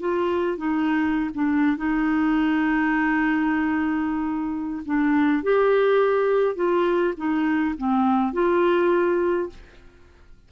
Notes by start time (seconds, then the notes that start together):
0.00 F4
0.57 D#4
1.34 D4
1.77 D#4
4.86 D4
5.43 G4
6.56 F4
7.17 D#4
7.78 C4
8.33 F4